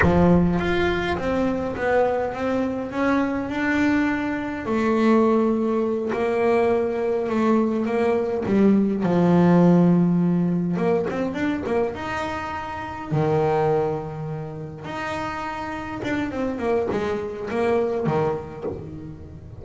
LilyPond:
\new Staff \with { instrumentName = "double bass" } { \time 4/4 \tempo 4 = 103 f4 f'4 c'4 b4 | c'4 cis'4 d'2 | a2~ a8 ais4.~ | ais8 a4 ais4 g4 f8~ |
f2~ f8 ais8 c'8 d'8 | ais8 dis'2 dis4.~ | dis4. dis'2 d'8 | c'8 ais8 gis4 ais4 dis4 | }